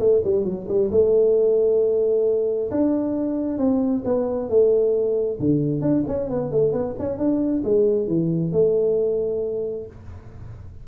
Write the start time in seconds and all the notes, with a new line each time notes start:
0.00 A3
0.25 G3
0.45 F#3
0.69 G3
0.92 A3
2.71 D4
3.59 C4
4.05 B3
4.50 A3
5.40 D3
5.82 D4
6.08 C#4
6.30 B3
6.52 A3
6.73 B3
6.99 C#4
7.18 D4
7.65 G#3
8.08 E3
8.53 A3